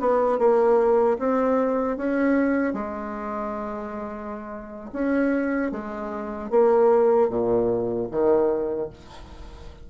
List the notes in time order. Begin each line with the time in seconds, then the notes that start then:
0.00 B3
0.39 A#3
1.19 C4
1.97 C#4
2.74 G#3
4.93 C#4
5.72 G#3
6.51 A#3
7.30 A#2
8.11 D#3